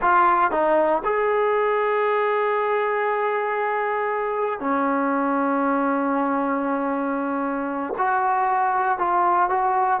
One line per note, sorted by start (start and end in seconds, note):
0.01 0.51 F4
0.51 1.02 D#4
1.04 4.60 G#4
4.60 7.93 C#4
7.98 8.98 F#4
8.98 9.49 F4
9.49 10.00 F#4